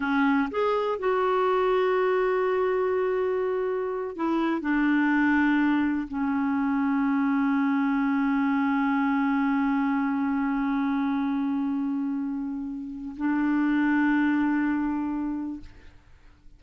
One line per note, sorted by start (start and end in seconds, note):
0.00 0.49 C#4
0.50 0.98 G#4
0.98 4.16 F#4
4.16 4.61 E4
4.61 6.07 D4
6.08 13.15 C#4
13.16 15.60 D4